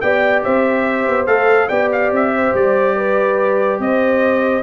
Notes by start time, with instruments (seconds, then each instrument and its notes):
0.00 tuba B3, trombone G4, horn D5, trumpet G5
0.43 tuba C4, horn C5, trumpet E5
1.07 tuba B3
1.26 tuba A3, trombone A4, trumpet F5
1.68 tuba B3, trombone G4, horn D5, trumpet G5
1.92 trumpet F5
2.11 tuba C4, trumpet E5
2.35 horn C5
2.54 tuba G3, trumpet D5
2.96 horn B4
3.79 tuba C4, horn C5, trumpet D#5